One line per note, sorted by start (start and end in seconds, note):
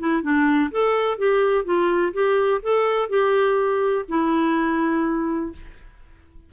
0.00 0.23 E4
0.23 0.71 D4
0.72 1.18 A4
1.18 1.65 G4
1.65 2.13 F4
2.14 2.62 G4
2.63 3.10 A4
3.10 4.06 G4
4.09 5.53 E4